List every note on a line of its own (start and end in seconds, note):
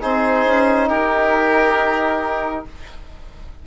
0.00 0.46 C4
0.00 2.65 D#4
0.00 0.88 G#4
0.00 0.88 C5
0.46 0.90 C#4
0.88 2.66 D#4
0.88 2.65 G4
0.88 2.65 A#4